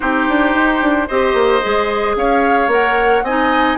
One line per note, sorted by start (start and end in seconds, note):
0.00 0.28 C4
0.00 1.06 D#4
0.00 1.07 G4
0.00 1.07 C5
0.28 0.55 D4
0.55 0.81 D#4
0.81 1.08 D4
1.07 1.33 C4
1.07 1.61 G4
1.07 2.15 C5
1.07 2.16 D#5
1.33 1.60 A#3
1.61 2.15 G#3
1.61 2.69 G#4
2.15 2.67 C#4
2.15 3.24 C#5
2.15 2.70 F5
2.67 3.21 A#3
2.67 3.23 A#4
2.67 3.24 F#5
3.22 3.76 C4
3.22 3.77 D#4
3.22 3.77 D#5
3.22 3.77 G#5